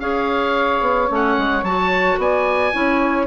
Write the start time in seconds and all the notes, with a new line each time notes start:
0.00 C#4 G#4 C#5 F5
0.81 B3
1.09 A3 C#4
1.15 F#5
1.38 G#3
1.63 F#3 F#4 A5
2.18 B3 D5 G#5
2.72 C#4 E4 C#5